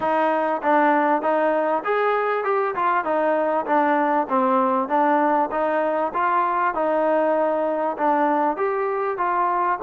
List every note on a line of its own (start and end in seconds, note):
0.00 0.61 D#4
0.62 1.22 D4
1.22 1.83 D#4
1.84 2.44 G#4
2.44 2.74 G4
2.75 3.04 F4
3.04 3.65 D#4
3.65 4.27 D4
4.29 4.88 C4
4.88 5.49 D4
5.51 6.12 D#4
6.13 6.74 F4
6.74 7.96 D#4
7.97 8.56 D4
8.56 9.17 G4
9.17 9.78 F4